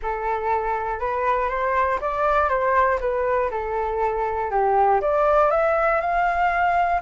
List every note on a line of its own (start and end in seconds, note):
0.02 0.99 A4
0.99 1.49 B4
1.49 1.99 C5
2.00 2.49 D5
2.49 2.99 C5
3.00 3.50 B4
3.50 4.50 A4
4.50 5.00 G4
5.01 5.50 D5
5.50 6.00 E5
6.00 7.00 F5